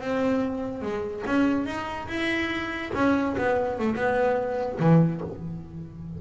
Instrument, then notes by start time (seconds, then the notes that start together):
double bass
0.00 C4
0.82 G#3
1.26 C#4
1.66 D#4
2.08 E4
2.94 C#4
3.37 B3
3.78 A3
3.95 B3
4.79 E3